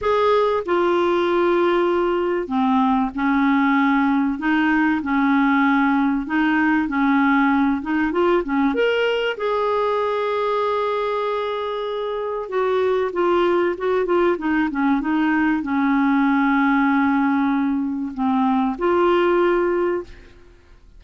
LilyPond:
\new Staff \with { instrumentName = "clarinet" } { \time 4/4 \tempo 4 = 96 gis'4 f'2. | c'4 cis'2 dis'4 | cis'2 dis'4 cis'4~ | cis'8 dis'8 f'8 cis'8 ais'4 gis'4~ |
gis'1 | fis'4 f'4 fis'8 f'8 dis'8 cis'8 | dis'4 cis'2.~ | cis'4 c'4 f'2 | }